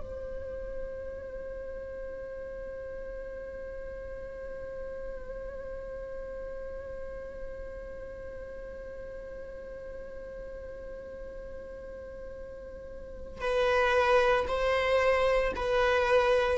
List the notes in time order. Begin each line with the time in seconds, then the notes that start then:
0.00 C5
13.41 B4
14.47 C5
15.56 B4